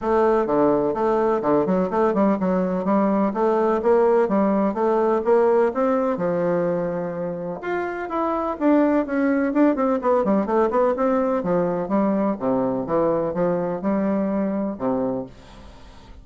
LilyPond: \new Staff \with { instrumentName = "bassoon" } { \time 4/4 \tempo 4 = 126 a4 d4 a4 d8 fis8 | a8 g8 fis4 g4 a4 | ais4 g4 a4 ais4 | c'4 f2. |
f'4 e'4 d'4 cis'4 | d'8 c'8 b8 g8 a8 b8 c'4 | f4 g4 c4 e4 | f4 g2 c4 | }